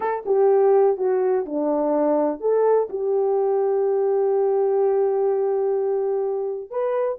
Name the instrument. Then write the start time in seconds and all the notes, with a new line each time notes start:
horn
0.00 A4
0.25 G4
0.97 F#4
1.45 D4
2.40 A4
2.89 G4
6.70 B4